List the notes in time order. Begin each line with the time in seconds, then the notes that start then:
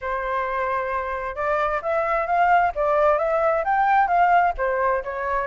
0.01 C5
1.35 D5
1.82 E5
2.26 F5
2.75 D5
3.18 E5
3.64 G5
4.07 F5
4.57 C5
5.03 C#5